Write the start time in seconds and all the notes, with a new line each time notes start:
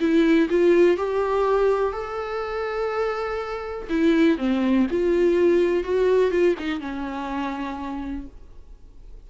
0.00 E4
0.50 F4
0.97 G4
1.93 A4
3.90 E4
4.38 C4
4.91 F4
5.84 F#4
6.31 F4
6.59 D#4
6.80 C#4